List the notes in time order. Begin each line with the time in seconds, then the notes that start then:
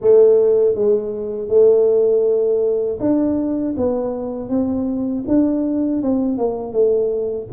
0.01 A3
0.74 G#3
1.48 A3
3.00 D4
3.76 B3
4.49 C4
5.27 D4
6.02 C4
6.37 A#3
6.72 A3